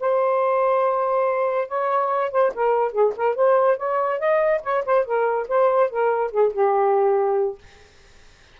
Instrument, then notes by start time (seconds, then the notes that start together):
saxophone
0.00 C5
1.68 C#5
2.31 C5
2.54 A#4
2.92 G#4
3.16 A#4
3.35 C5
3.77 C#5
4.19 D#5
4.63 C#5
4.85 C5
5.05 A#4
5.48 C5
5.90 A#4
6.31 G#4
6.53 G4